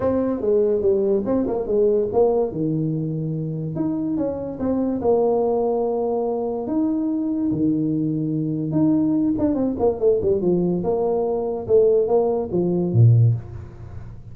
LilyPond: \new Staff \with { instrumentName = "tuba" } { \time 4/4 \tempo 4 = 144 c'4 gis4 g4 c'8 ais8 | gis4 ais4 dis2~ | dis4 dis'4 cis'4 c'4 | ais1 |
dis'2 dis2~ | dis4 dis'4. d'8 c'8 ais8 | a8 g8 f4 ais2 | a4 ais4 f4 ais,4 | }